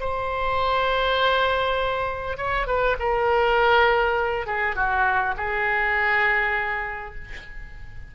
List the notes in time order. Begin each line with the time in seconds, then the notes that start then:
0.00 C5
2.37 C#5
2.67 B4
2.99 A#4
4.46 G#4
4.76 F#4
5.37 G#4